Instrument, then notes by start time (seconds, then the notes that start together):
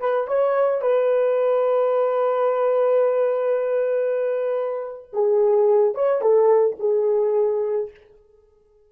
horn
0.00 B4
0.28 C#5
0.82 B4
5.13 G#4
5.95 C#5
6.22 A4
6.80 G#4